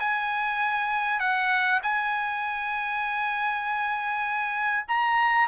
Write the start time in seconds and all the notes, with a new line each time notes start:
0.00 G#5
1.20 F#5
1.83 G#5
4.88 A#5